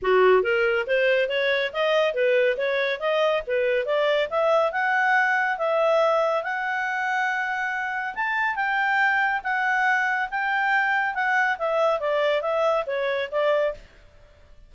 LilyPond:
\new Staff \with { instrumentName = "clarinet" } { \time 4/4 \tempo 4 = 140 fis'4 ais'4 c''4 cis''4 | dis''4 b'4 cis''4 dis''4 | b'4 d''4 e''4 fis''4~ | fis''4 e''2 fis''4~ |
fis''2. a''4 | g''2 fis''2 | g''2 fis''4 e''4 | d''4 e''4 cis''4 d''4 | }